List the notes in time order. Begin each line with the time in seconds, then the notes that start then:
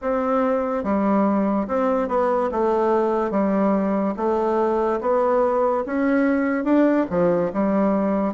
0.01 C4
0.83 G3
1.67 C4
2.08 B3
2.51 A3
3.31 G3
4.16 A3
5.00 B3
5.86 C#4
6.64 D4
7.09 F3
7.53 G3